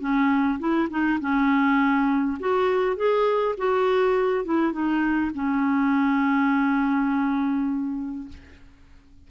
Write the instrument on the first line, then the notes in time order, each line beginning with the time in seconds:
clarinet
0.00 C#4
0.59 E4
0.90 D#4
1.20 C#4
2.39 F#4
2.96 G#4
3.57 F#4
4.45 E4
4.72 D#4
5.34 C#4